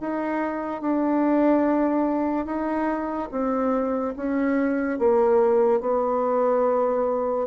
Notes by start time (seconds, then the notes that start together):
0.00 D#4
0.81 D4
2.45 D#4
3.31 C4
4.16 C#4
4.98 A#3
5.80 B3